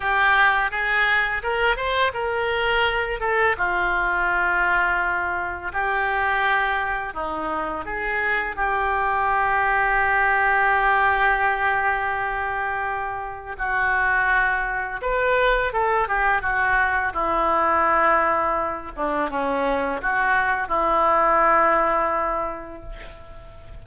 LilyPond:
\new Staff \with { instrumentName = "oboe" } { \time 4/4 \tempo 4 = 84 g'4 gis'4 ais'8 c''8 ais'4~ | ais'8 a'8 f'2. | g'2 dis'4 gis'4 | g'1~ |
g'2. fis'4~ | fis'4 b'4 a'8 g'8 fis'4 | e'2~ e'8 d'8 cis'4 | fis'4 e'2. | }